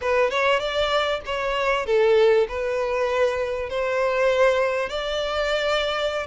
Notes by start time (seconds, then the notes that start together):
0.01 B4
0.30 C#5
0.59 D5
1.25 C#5
1.85 A4
2.48 B4
3.69 C5
4.89 D5